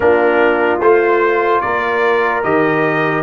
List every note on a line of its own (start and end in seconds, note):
0.00 0.79 A#3
0.00 0.80 D4
0.00 1.63 F4
0.00 0.80 A#4
0.79 1.60 A3
0.79 2.43 F4
0.79 1.60 C5
1.60 2.43 A#3
1.60 3.23 A#4
1.60 2.42 D5
2.43 3.23 D#3
2.43 3.23 G4
2.43 3.23 D#5